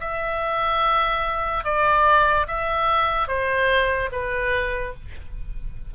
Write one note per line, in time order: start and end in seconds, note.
0.00 1.64 E5
1.64 2.46 D5
2.47 3.27 E5
3.27 4.09 C5
4.11 4.94 B4